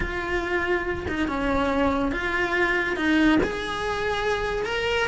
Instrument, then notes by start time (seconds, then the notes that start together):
cello
0.00 F4
1.08 D#4
1.28 C#4
2.11 F4
2.96 D#4
3.43 G#4
4.65 A#4